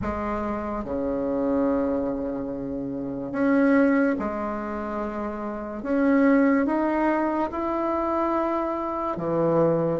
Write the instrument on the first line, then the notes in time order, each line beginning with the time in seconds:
bassoon
0.01 G#3
0.84 C#3
3.32 C#4
4.19 G#3
5.82 C#4
6.66 D#4
7.52 E4
9.17 E3